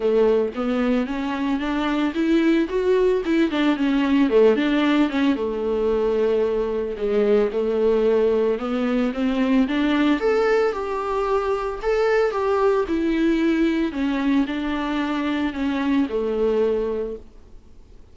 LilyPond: \new Staff \with { instrumentName = "viola" } { \time 4/4 \tempo 4 = 112 a4 b4 cis'4 d'4 | e'4 fis'4 e'8 d'8 cis'4 | a8 d'4 cis'8 a2~ | a4 gis4 a2 |
b4 c'4 d'4 a'4 | g'2 a'4 g'4 | e'2 cis'4 d'4~ | d'4 cis'4 a2 | }